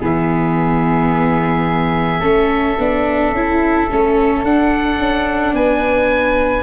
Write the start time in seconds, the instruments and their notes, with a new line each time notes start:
0.00 tuba E3, viola B3, flute G#4, oboe E5
2.20 tuba A3, viola C#4, flute A4
2.78 tuba B3, viola D4
3.32 tuba C#4, viola E4
3.90 tuba A3, viola C#4
4.44 tuba D4, viola D4, oboe F#5
4.98 tuba C#4
5.53 tuba B3, flute B4, oboe G#5